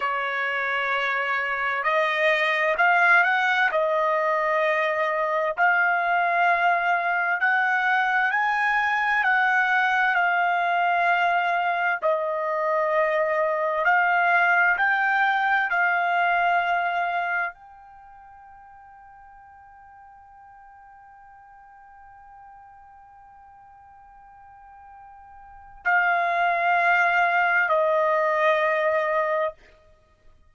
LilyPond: \new Staff \with { instrumentName = "trumpet" } { \time 4/4 \tempo 4 = 65 cis''2 dis''4 f''8 fis''8 | dis''2 f''2 | fis''4 gis''4 fis''4 f''4~ | f''4 dis''2 f''4 |
g''4 f''2 g''4~ | g''1~ | g''1 | f''2 dis''2 | }